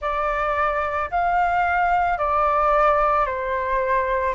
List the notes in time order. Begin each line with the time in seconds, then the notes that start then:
0.00 D5
1.10 F5
2.18 D5
3.25 C5